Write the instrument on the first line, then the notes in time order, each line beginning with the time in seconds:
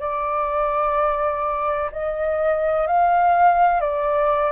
flute
0.00 D5
1.92 D#5
2.87 F5
3.81 D5